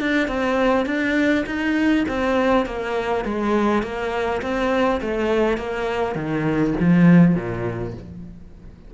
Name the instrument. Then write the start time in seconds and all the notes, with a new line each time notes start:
cello
0.00 D4
0.28 C4
0.86 D4
1.46 D#4
2.08 C4
2.66 A#3
3.24 G#3
3.82 A#3
4.41 C4
5.01 A3
5.57 A#3
6.15 D#3
6.80 F3
7.35 A#2